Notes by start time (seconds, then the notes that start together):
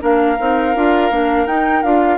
0.00 A#3 D4 A#4 F5
0.39 C4 D#4
0.75 D4 F4
1.10 A#3 D4
1.46 D#4 G5
1.82 D4 F4 F5